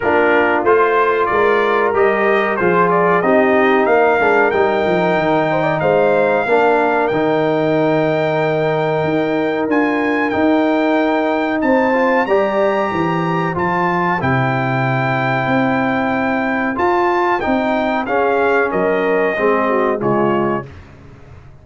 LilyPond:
<<
  \new Staff \with { instrumentName = "trumpet" } { \time 4/4 \tempo 4 = 93 ais'4 c''4 d''4 dis''4 | c''8 d''8 dis''4 f''4 g''4~ | g''4 f''2 g''4~ | g''2. gis''4 |
g''2 a''4 ais''4~ | ais''4 a''4 g''2~ | g''2 a''4 g''4 | f''4 dis''2 cis''4 | }
  \new Staff \with { instrumentName = "horn" } { \time 4/4 f'2 ais'2 | gis'4 g'4 ais'2~ | ais'8 c''16 d''16 c''4 ais'2~ | ais'1~ |
ais'2 c''4 d''4 | c''1~ | c''1 | gis'4 ais'4 gis'8 fis'8 f'4 | }
  \new Staff \with { instrumentName = "trombone" } { \time 4/4 d'4 f'2 g'4 | f'4 dis'4. d'8 dis'4~ | dis'2 d'4 dis'4~ | dis'2. f'4 |
dis'2~ dis'8 f'8 g'4~ | g'4 f'4 e'2~ | e'2 f'4 dis'4 | cis'2 c'4 gis4 | }
  \new Staff \with { instrumentName = "tuba" } { \time 4/4 ais4 a4 gis4 g4 | f4 c'4 ais8 gis8 g8 f8 | dis4 gis4 ais4 dis4~ | dis2 dis'4 d'4 |
dis'2 c'4 g4 | e4 f4 c2 | c'2 f'4 c'4 | cis'4 fis4 gis4 cis4 | }
>>